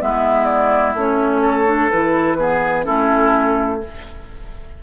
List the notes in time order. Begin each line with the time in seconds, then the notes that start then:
0.00 G#3 B3 E4 E5
0.45 D5
0.94 A3 C#4 C#5
1.41 A4
1.66 D4
1.90 E3 E4 B4
2.38 B3 G#4
2.83 A3 C#4 E4 A4